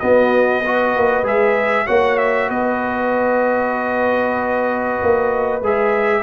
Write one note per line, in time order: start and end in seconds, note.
0.00 0.64 B3
0.00 0.96 B3
0.00 0.63 F#4
0.00 1.25 D#5
0.64 1.24 F#4
0.64 1.86 B4
0.96 1.23 A#3
1.23 1.86 G#3
1.23 1.86 G#4
1.23 1.87 E5
1.86 2.50 A#3
1.86 5.62 F#4
1.86 2.48 C#5
1.86 2.18 F#5
2.18 2.49 E5
2.48 5.00 B3
2.48 6.23 B4
2.48 5.62 D#5
5.03 5.61 A#3
5.61 6.23 G#3
5.61 6.23 G#4
5.61 6.23 E5